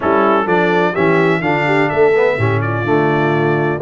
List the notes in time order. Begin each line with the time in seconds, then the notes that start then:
0.00 G3 C#4 E4 A4
0.45 F3 D4 A4 D5
0.93 E3 C#4 G4 E5
1.41 D3 D4 F4 F5
1.66 G4
1.89 A3 A4 E5
2.15 B3
2.37 A2 C#4 G4
2.61 F4 D5
2.83 D3 A3